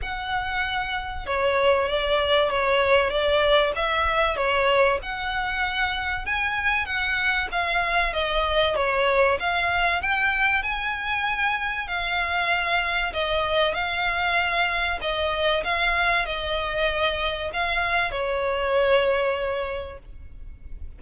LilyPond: \new Staff \with { instrumentName = "violin" } { \time 4/4 \tempo 4 = 96 fis''2 cis''4 d''4 | cis''4 d''4 e''4 cis''4 | fis''2 gis''4 fis''4 | f''4 dis''4 cis''4 f''4 |
g''4 gis''2 f''4~ | f''4 dis''4 f''2 | dis''4 f''4 dis''2 | f''4 cis''2. | }